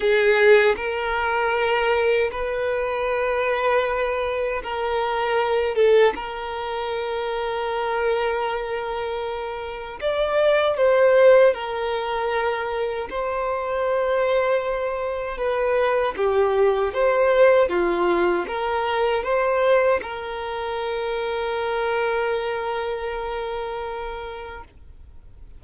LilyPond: \new Staff \with { instrumentName = "violin" } { \time 4/4 \tempo 4 = 78 gis'4 ais'2 b'4~ | b'2 ais'4. a'8 | ais'1~ | ais'4 d''4 c''4 ais'4~ |
ais'4 c''2. | b'4 g'4 c''4 f'4 | ais'4 c''4 ais'2~ | ais'1 | }